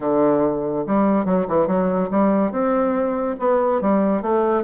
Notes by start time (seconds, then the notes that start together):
0.00 D3
0.86 G3
1.25 F#3
1.48 E3
1.67 F#3
2.10 G3
2.51 C4
3.39 B3
3.81 G3
4.22 A3